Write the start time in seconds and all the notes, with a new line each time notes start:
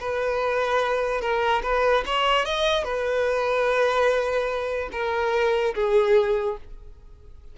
0.00 B4
1.21 A#4
1.63 B4
2.06 C#5
2.45 D#5
2.84 B4
4.92 A#4
5.75 G#4